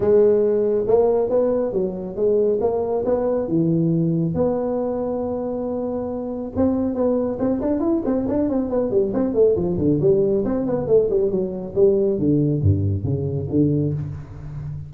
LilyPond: \new Staff \with { instrumentName = "tuba" } { \time 4/4 \tempo 4 = 138 gis2 ais4 b4 | fis4 gis4 ais4 b4 | e2 b2~ | b2. c'4 |
b4 c'8 d'8 e'8 c'8 d'8 c'8 | b8 g8 c'8 a8 f8 d8 g4 | c'8 b8 a8 g8 fis4 g4 | d4 g,4 cis4 d4 | }